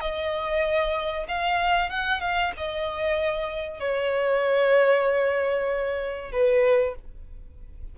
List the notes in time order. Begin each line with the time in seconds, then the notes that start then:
0.00 D#5
1.28 F5
1.89 F#5
2.20 F5
2.57 D#5
3.80 C#5
6.32 B4